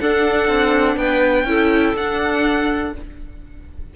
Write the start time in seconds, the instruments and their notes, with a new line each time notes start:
0.00 cello D4, viola D4, clarinet A4, violin F#5
0.48 cello C4
0.95 cello B3, clarinet B4, violin G5
1.44 cello C#4, viola E4, clarinet A4
1.94 cello D4, viola D4, violin F#5